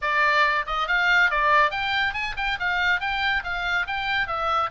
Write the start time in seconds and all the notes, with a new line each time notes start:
0.01 D5
0.66 D#5
0.87 F5
1.30 D5
1.70 G5
2.13 G#5
2.36 G5
2.59 F5
3.00 G5
3.43 F5
3.86 G5
4.27 E5